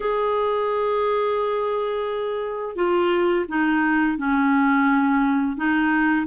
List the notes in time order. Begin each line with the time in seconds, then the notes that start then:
0.00 G#4
2.75 F4
3.48 D#4
4.17 C#4
5.57 D#4